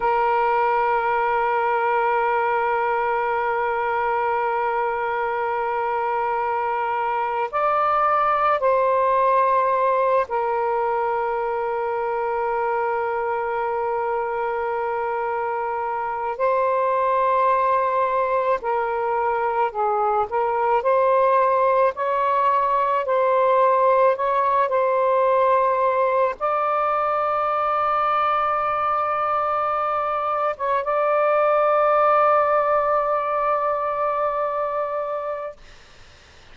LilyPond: \new Staff \with { instrumentName = "saxophone" } { \time 4/4 \tempo 4 = 54 ais'1~ | ais'2~ ais'8. d''4 c''16~ | c''4~ c''16 ais'2~ ais'8.~ | ais'2~ ais'8. c''4~ c''16~ |
c''8. ais'4 gis'8 ais'8 c''4 cis''16~ | cis''8. c''4 cis''8 c''4. d''16~ | d''2.~ d''8 cis''16 d''16~ | d''1 | }